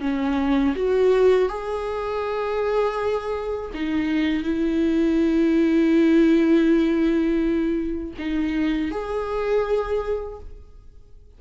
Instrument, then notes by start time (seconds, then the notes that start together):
viola
0.00 C#4
0.75 F#4
1.48 G#4
3.74 D#4
4.43 E4
8.18 D#4
8.91 G#4